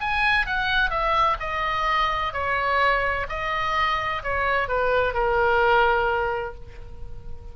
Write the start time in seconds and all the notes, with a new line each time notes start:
0.00 G#5
0.46 F#5
0.90 E5
1.40 D#5
2.32 C#5
3.28 D#5
4.23 C#5
4.68 B4
5.13 A#4